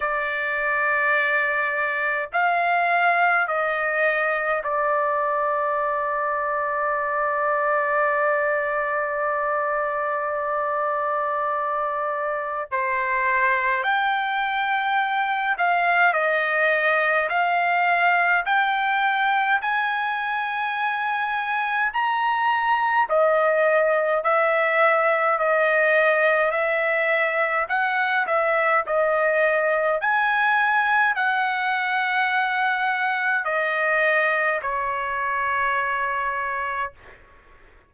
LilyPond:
\new Staff \with { instrumentName = "trumpet" } { \time 4/4 \tempo 4 = 52 d''2 f''4 dis''4 | d''1~ | d''2. c''4 | g''4. f''8 dis''4 f''4 |
g''4 gis''2 ais''4 | dis''4 e''4 dis''4 e''4 | fis''8 e''8 dis''4 gis''4 fis''4~ | fis''4 dis''4 cis''2 | }